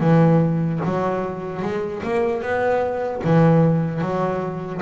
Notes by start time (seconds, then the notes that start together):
0.00 E3
0.85 F#3
1.62 G#3
2.03 A#3
2.42 B3
3.24 E3
4.01 F#3